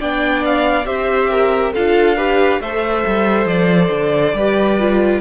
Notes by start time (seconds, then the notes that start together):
0.00 B3 D4 D5 G5
0.45 F5
0.85 C4 G4 C5 E5
1.30 A#4
1.74 D4 F4 A4 F5
2.16 G4 B4
2.60 A3 A4 C5 E5
3.06 G3
3.45 F3 D5
3.90 D3
4.33 G3 G4 B4
4.79 F4